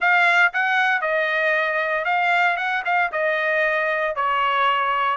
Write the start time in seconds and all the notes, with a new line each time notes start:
0.00 F5
0.53 F#5
1.01 D#5
2.05 F5
2.57 F#5
2.85 F5
3.12 D#5
4.15 C#5